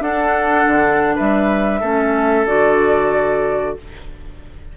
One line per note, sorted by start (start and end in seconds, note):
0.00 0.65 D4
0.00 1.81 D4
0.00 1.15 A4
0.00 1.16 F#5
0.67 1.15 D3
1.15 1.82 G3
1.15 1.80 B4
1.15 2.47 E5
1.80 2.46 A3
1.80 2.47 C#4
1.80 3.76 A4
2.46 3.76 D3
2.46 3.77 F#4
2.46 3.77 D5